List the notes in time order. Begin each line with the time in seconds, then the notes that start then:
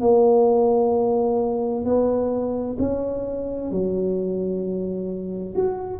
0.00 A#3
1.84 B3
2.79 C#4
3.71 F#3
5.55 F#4